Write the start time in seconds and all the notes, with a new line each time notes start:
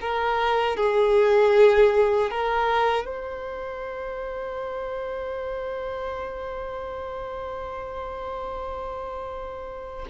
0.00 A#4
0.77 G#4
2.30 A#4
3.04 C5